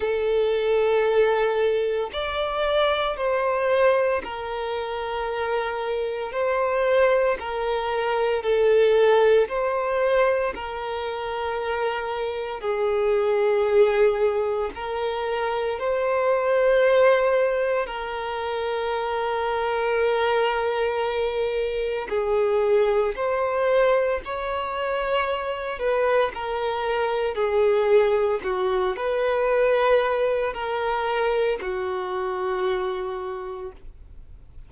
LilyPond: \new Staff \with { instrumentName = "violin" } { \time 4/4 \tempo 4 = 57 a'2 d''4 c''4 | ais'2 c''4 ais'4 | a'4 c''4 ais'2 | gis'2 ais'4 c''4~ |
c''4 ais'2.~ | ais'4 gis'4 c''4 cis''4~ | cis''8 b'8 ais'4 gis'4 fis'8 b'8~ | b'4 ais'4 fis'2 | }